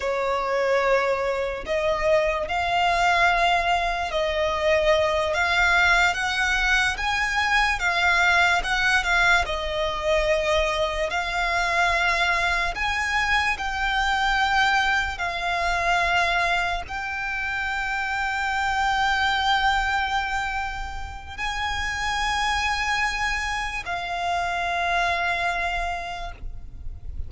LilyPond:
\new Staff \with { instrumentName = "violin" } { \time 4/4 \tempo 4 = 73 cis''2 dis''4 f''4~ | f''4 dis''4. f''4 fis''8~ | fis''8 gis''4 f''4 fis''8 f''8 dis''8~ | dis''4. f''2 gis''8~ |
gis''8 g''2 f''4.~ | f''8 g''2.~ g''8~ | g''2 gis''2~ | gis''4 f''2. | }